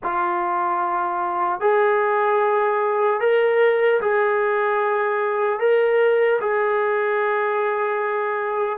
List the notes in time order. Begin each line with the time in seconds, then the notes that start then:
0.03 F4
1.60 G#4
3.20 A#4
4.01 G#4
5.59 A#4
6.40 G#4